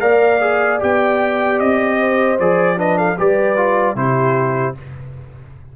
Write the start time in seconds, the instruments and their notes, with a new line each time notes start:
0.00 tuba A#3, trombone A#4, horn D5, trumpet F5
0.40 trombone G#4
0.80 tuba B3, trombone G4, trumpet G5
1.60 tuba C4, trumpet D#5
2.00 horn C5
2.40 tuba F3, trombone G#4, trumpet D5
2.77 trombone D4, horn B4, trumpet D#5
2.98 horn A4, trumpet F5
3.18 tuba G3, trombone G4, horn B4, trumpet D5
3.57 trombone F4
3.96 tuba C3, trombone E4, horn G4, trumpet C5